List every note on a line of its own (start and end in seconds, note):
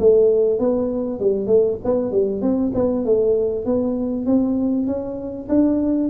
0.00 0.60 A3
0.60 1.20 B3
1.20 1.47 G3
1.47 1.78 A3
1.85 2.12 B3
2.12 2.42 G3
2.42 2.72 C4
2.75 3.05 B3
3.05 3.65 A3
3.65 4.26 B3
4.26 4.87 C4
4.87 5.48 C#4
5.49 6.10 D4